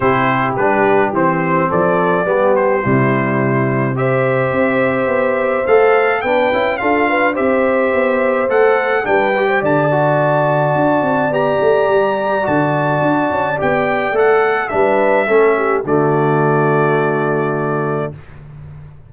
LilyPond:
<<
  \new Staff \with { instrumentName = "trumpet" } { \time 4/4 \tempo 4 = 106 c''4 b'4 c''4 d''4~ | d''8 c''2~ c''8 e''4~ | e''2 f''4 g''4 | f''4 e''2 fis''4 |
g''4 a''2. | ais''2 a''2 | g''4 fis''4 e''2 | d''1 | }
  \new Staff \with { instrumentName = "horn" } { \time 4/4 g'2. a'4 | g'4 e'2 c''4~ | c''2. b'4 | a'8 b'8 c''2. |
b'8. c''16 d''2.~ | d''1~ | d''2 b'4 a'8 g'8 | fis'1 | }
  \new Staff \with { instrumentName = "trombone" } { \time 4/4 e'4 d'4 c'2 | b4 g2 g'4~ | g'2 a'4 d'8 e'8 | f'4 g'2 a'4 |
d'8 g'4 fis'2~ fis'8 | g'2 fis'2 | g'4 a'4 d'4 cis'4 | a1 | }
  \new Staff \with { instrumentName = "tuba" } { \time 4/4 c4 g4 e4 f4 | g4 c2. | c'4 b4 a4 b8 cis'8 | d'4 c'4 b4 a4 |
g4 d2 d'8 c'8 | b8 a8 g4 d4 d'8 cis'8 | b4 a4 g4 a4 | d1 | }
>>